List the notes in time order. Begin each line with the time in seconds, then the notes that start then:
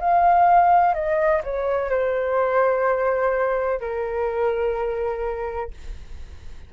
0.00 F5
0.94 D#5
1.44 C#5
1.90 C5
3.80 A#4